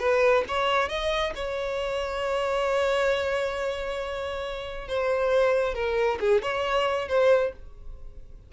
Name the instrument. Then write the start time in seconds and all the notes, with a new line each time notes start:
violin
0.00 B4
0.48 C#5
0.89 D#5
1.35 C#5
4.89 C5
5.75 A#4
6.20 G#4
6.42 C#5
7.09 C5